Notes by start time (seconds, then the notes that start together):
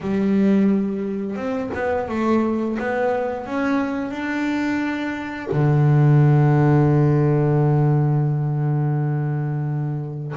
0.00 G3
1.36 C4
1.74 B3
2.08 A3
2.79 B3
3.45 C#4
4.10 D4
5.51 D3